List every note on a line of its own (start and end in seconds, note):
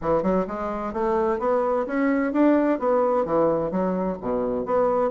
0.01 0.22 E3
0.22 0.45 F#3
0.47 0.93 G#3
0.93 1.39 A3
1.39 1.85 B3
1.86 2.33 C#4
2.33 2.79 D4
2.79 3.25 B3
3.25 3.71 E3
3.71 4.17 F#3
4.21 4.65 B2
4.65 5.11 B3